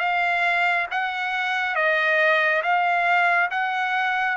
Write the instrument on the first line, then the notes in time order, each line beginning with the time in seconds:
trumpet
0.00 F5
0.92 F#5
1.75 D#5
2.63 F5
3.51 F#5